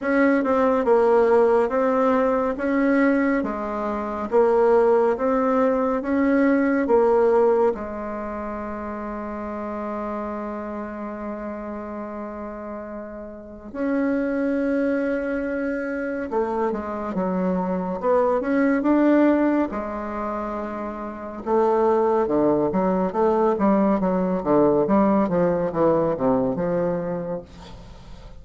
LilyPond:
\new Staff \with { instrumentName = "bassoon" } { \time 4/4 \tempo 4 = 70 cis'8 c'8 ais4 c'4 cis'4 | gis4 ais4 c'4 cis'4 | ais4 gis2.~ | gis1 |
cis'2. a8 gis8 | fis4 b8 cis'8 d'4 gis4~ | gis4 a4 d8 fis8 a8 g8 | fis8 d8 g8 f8 e8 c8 f4 | }